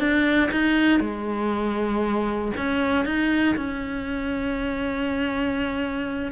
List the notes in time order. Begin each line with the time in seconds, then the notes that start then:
0.00 D4
0.51 D#4
1.00 G#3
2.57 C#4
3.05 D#4
3.56 C#4